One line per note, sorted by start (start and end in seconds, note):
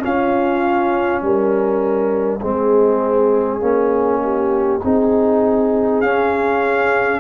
0.00 2.40 C#4
0.00 1.22 C#4
0.00 1.23 F4
0.00 1.22 F5
1.22 2.42 G3
1.22 2.41 A#4
1.22 6.01 D#5
2.41 3.61 G#3
2.41 3.60 C4
2.41 4.21 G#4
3.60 4.81 A#3
3.60 4.80 C#4
4.23 4.83 G4
4.83 6.02 C4
4.83 6.03 D#4
4.83 7.20 G#4
6.01 7.20 C#4
6.01 7.20 F5